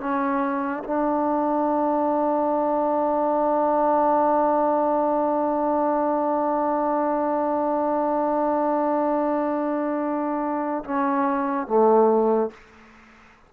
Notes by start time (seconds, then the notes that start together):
0.00 C#4
0.84 D4
10.84 C#4
11.67 A3